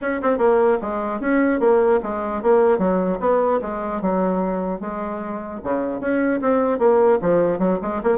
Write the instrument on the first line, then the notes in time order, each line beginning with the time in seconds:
bassoon
0.01 C#4
0.22 C4
0.38 A#3
0.81 G#3
1.20 C#4
1.60 A#3
2.03 G#3
2.42 A#3
2.78 F#3
3.19 B3
3.61 G#3
4.01 F#3
4.80 G#3
5.63 C#3
6.00 C#4
6.41 C4
6.78 A#3
7.21 F3
7.58 F#3
7.81 G#3
8.03 A#3